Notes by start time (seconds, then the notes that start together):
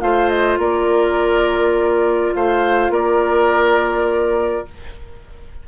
0.00 A3 F4 C5 F5
0.29 D#5
0.58 A#3 A#4 D5
2.35 A3 C5 F5
2.90 A#3 A#4 D5